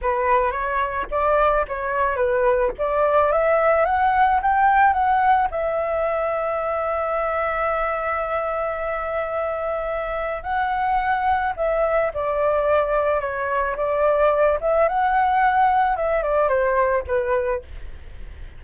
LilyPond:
\new Staff \with { instrumentName = "flute" } { \time 4/4 \tempo 4 = 109 b'4 cis''4 d''4 cis''4 | b'4 d''4 e''4 fis''4 | g''4 fis''4 e''2~ | e''1~ |
e''2. fis''4~ | fis''4 e''4 d''2 | cis''4 d''4. e''8 fis''4~ | fis''4 e''8 d''8 c''4 b'4 | }